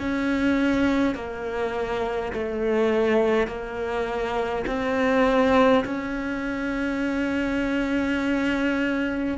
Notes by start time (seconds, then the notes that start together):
0.00 C#4
1.15 A#3
2.33 A3
3.48 A#3
4.67 C4
5.85 C#4